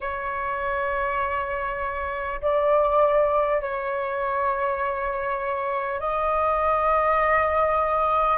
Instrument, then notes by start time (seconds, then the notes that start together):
flute
0.00 C#5
2.41 D5
3.61 C#5
5.99 D#5